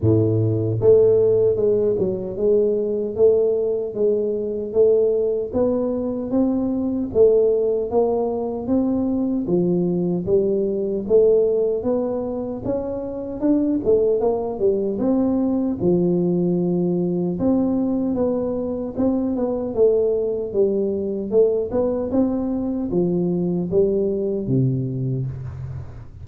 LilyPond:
\new Staff \with { instrumentName = "tuba" } { \time 4/4 \tempo 4 = 76 a,4 a4 gis8 fis8 gis4 | a4 gis4 a4 b4 | c'4 a4 ais4 c'4 | f4 g4 a4 b4 |
cis'4 d'8 a8 ais8 g8 c'4 | f2 c'4 b4 | c'8 b8 a4 g4 a8 b8 | c'4 f4 g4 c4 | }